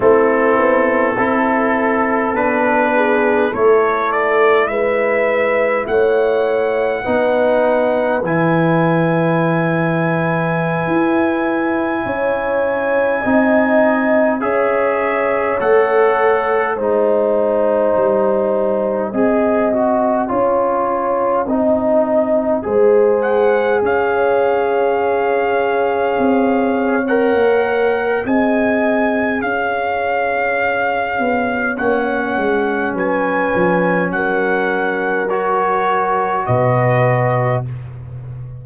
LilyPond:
<<
  \new Staff \with { instrumentName = "trumpet" } { \time 4/4 \tempo 4 = 51 a'2 b'4 cis''8 d''8 | e''4 fis''2 gis''4~ | gis''1~ | gis''16 e''4 fis''4 gis''4.~ gis''16~ |
gis''2.~ gis''8. fis''16~ | fis''16 f''2~ f''8. fis''4 | gis''4 f''2 fis''4 | gis''4 fis''4 cis''4 dis''4 | }
  \new Staff \with { instrumentName = "horn" } { \time 4/4 e'4 a'4. gis'8 a'4 | b'4 cis''4 b'2~ | b'2~ b'16 cis''4 dis''8.~ | dis''16 cis''2 c''4.~ c''16~ |
c''16 dis''4 cis''4 dis''4 c''8.~ | c''16 cis''2.~ cis''8. | dis''4 cis''2. | b'4 ais'2 b'4 | }
  \new Staff \with { instrumentName = "trombone" } { \time 4/4 c'4 e'4 d'4 e'4~ | e'2 dis'4 e'4~ | e'2.~ e'16 dis'8.~ | dis'16 gis'4 a'4 dis'4.~ dis'16~ |
dis'16 gis'8 fis'8 f'4 dis'4 gis'8.~ | gis'2. ais'4 | gis'2. cis'4~ | cis'2 fis'2 | }
  \new Staff \with { instrumentName = "tuba" } { \time 4/4 a8 b8 c'4 b4 a4 | gis4 a4 b4 e4~ | e4~ e16 e'4 cis'4 c'8.~ | c'16 cis'4 a4 gis4 g8.~ |
g16 c'4 cis'4 c'4 gis8.~ | gis16 cis'2 c'4 ais8. | c'4 cis'4. b8 ais8 gis8 | fis8 f8 fis2 b,4 | }
>>